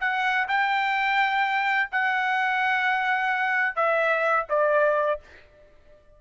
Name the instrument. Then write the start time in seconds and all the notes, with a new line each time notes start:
trumpet
0.00 F#5
0.48 G5
1.91 F#5
3.75 E5
4.49 D5